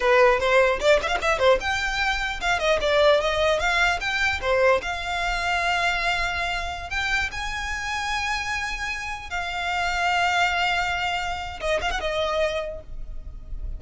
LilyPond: \new Staff \with { instrumentName = "violin" } { \time 4/4 \tempo 4 = 150 b'4 c''4 d''8 e''16 f''16 e''8 c''8 | g''2 f''8 dis''8 d''4 | dis''4 f''4 g''4 c''4 | f''1~ |
f''4~ f''16 g''4 gis''4.~ gis''16~ | gis''2.~ gis''16 f''8.~ | f''1~ | f''4 dis''8 f''16 fis''16 dis''2 | }